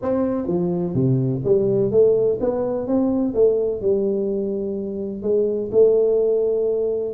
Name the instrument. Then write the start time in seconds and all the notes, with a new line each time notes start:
tuba
0.02 C4
0.47 F3
0.94 C3
1.44 G3
1.91 A3
2.40 B3
2.87 C4
3.34 A3
3.81 G3
5.22 G#3
5.71 A3